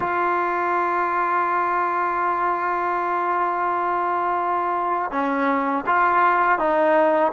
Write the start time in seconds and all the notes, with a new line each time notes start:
0.00 F4
5.11 C#4
5.86 F4
6.59 D#4